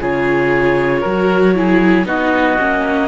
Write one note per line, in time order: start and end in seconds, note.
0.00 1.04 C#3
0.00 1.04 F4
0.00 1.01 G#4
0.00 2.07 C#5
1.01 2.05 F#3
1.01 1.55 F#4
1.01 1.52 A#4
1.55 2.05 E4
1.55 2.06 G#4
2.05 2.56 B3
2.05 2.57 D#4
2.05 3.08 F#4
2.05 3.08 D#5
2.58 3.08 A#3
2.58 3.08 C#4